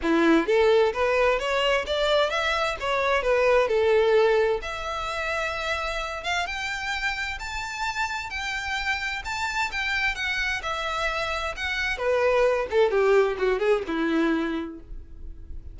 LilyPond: \new Staff \with { instrumentName = "violin" } { \time 4/4 \tempo 4 = 130 e'4 a'4 b'4 cis''4 | d''4 e''4 cis''4 b'4 | a'2 e''2~ | e''4. f''8 g''2 |
a''2 g''2 | a''4 g''4 fis''4 e''4~ | e''4 fis''4 b'4. a'8 | g'4 fis'8 gis'8 e'2 | }